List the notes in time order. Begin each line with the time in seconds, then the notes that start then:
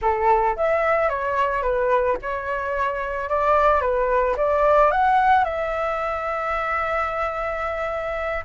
0.01 A4
0.56 E5
1.09 C#5
1.62 B4
2.21 C#5
3.29 D5
3.81 B4
4.37 D5
4.91 F#5
5.44 E5